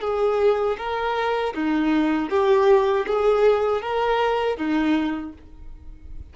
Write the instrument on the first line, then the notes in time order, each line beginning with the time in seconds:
violin
0.00 G#4
0.77 A#4
1.54 D#4
2.29 G4
3.06 G#4
3.81 A#4
4.57 D#4